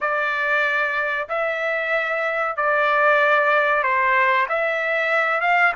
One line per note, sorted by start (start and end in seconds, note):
0.00 1.28 D5
1.29 2.56 E5
2.56 3.83 D5
3.83 4.47 C5
4.48 5.41 E5
5.41 5.72 F5